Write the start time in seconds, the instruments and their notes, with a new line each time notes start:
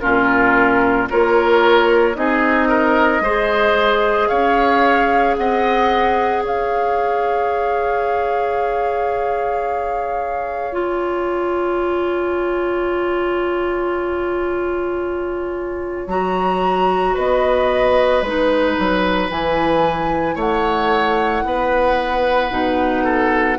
0.00 bassoon A#2, clarinet C#4, oboe F4, flute A#4
1.09 bassoon A#3, clarinet F4, oboe A#4, flute C#5
2.15 bassoon C4, clarinet D#4, oboe G#4, flute D#5
2.69 oboe A#4
3.21 bassoon G#3, clarinet G#4, oboe C5
4.28 bassoon C#4, oboe C#5, flute F5
5.36 bassoon C4, oboe D#5, flute F#5
6.44 bassoon C#4, oboe C#5, flute F5
10.73 clarinet F4, flute G#5
16.07 bassoon F#3, clarinet F#4, flute A#5
17.14 bassoon B3, oboe B4, flute D#5
18.22 bassoon G#3, clarinet D#4, flute B4
18.79 bassoon F#3
19.29 bassoon E3, clarinet E4, flute G#5
20.35 bassoon A3, oboe C#5, flute F#5
21.45 bassoon B3, oboe B4
22.50 bassoon B2, clarinet D#4
23.04 oboe A4